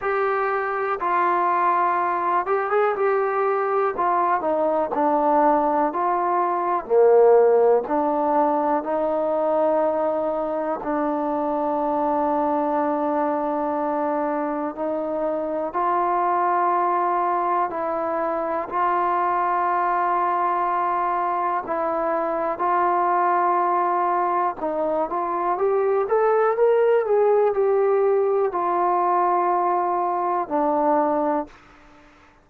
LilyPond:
\new Staff \with { instrumentName = "trombone" } { \time 4/4 \tempo 4 = 61 g'4 f'4. g'16 gis'16 g'4 | f'8 dis'8 d'4 f'4 ais4 | d'4 dis'2 d'4~ | d'2. dis'4 |
f'2 e'4 f'4~ | f'2 e'4 f'4~ | f'4 dis'8 f'8 g'8 a'8 ais'8 gis'8 | g'4 f'2 d'4 | }